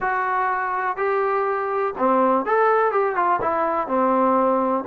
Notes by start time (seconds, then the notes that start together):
0.00 F#4
0.96 G4
1.98 C4
2.45 A4
2.91 G4
3.15 F4
3.41 E4
3.87 C4